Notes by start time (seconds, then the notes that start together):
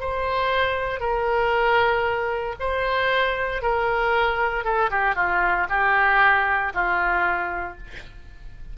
0.00 C5
1.00 A#4
2.60 C5
3.62 A#4
4.64 A4
4.90 G4
5.15 F4
5.69 G4
6.74 F4